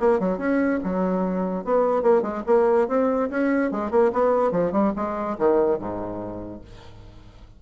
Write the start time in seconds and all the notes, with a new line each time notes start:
0.00 A#3
0.20 F#3
0.38 C#4
0.84 F#3
1.65 B3
2.03 A#3
2.22 G#3
2.47 A#3
2.88 C4
3.30 C#4
3.72 G#3
3.91 A#3
4.13 B3
4.52 F3
4.72 G3
4.96 G#3
5.39 D#3
5.79 G#2